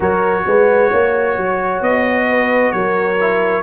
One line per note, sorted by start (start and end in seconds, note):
0.00 0.44 F#3
0.00 3.16 F#4
0.00 0.44 A#4
0.00 1.82 C#5
0.47 0.92 G#3
0.47 0.90 B4
0.90 1.37 A#3
0.90 2.27 C#5
1.37 1.81 F#3
1.81 2.72 B3
1.81 2.71 D#5
2.29 2.74 B4
2.71 3.62 F#3
2.71 3.62 A#4
2.71 3.62 C#5
3.20 3.62 E4